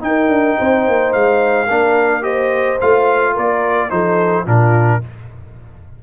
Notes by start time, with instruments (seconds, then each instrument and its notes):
0.00 trombone D#4, tuba D#4, trumpet G5
0.07 horn A#4
0.28 tuba D4
0.58 tuba C4, horn C5
0.88 tuba A#3
1.13 tuba G#3, trumpet F5
1.67 tuba A#3, trombone D4, horn A#4
2.22 trombone G4, horn C5, trumpet D#5
2.81 tuba A3, trombone F4, trumpet F5
3.33 tuba A#3, horn A#4, trumpet D5
3.89 tuba F3, trombone D#4, horn A4, trumpet C5
4.45 tuba A#2, trombone D4, horn F4, trumpet A#4